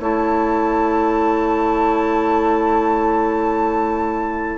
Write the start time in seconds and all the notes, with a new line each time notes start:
0.00 A3 E4 C#5 A5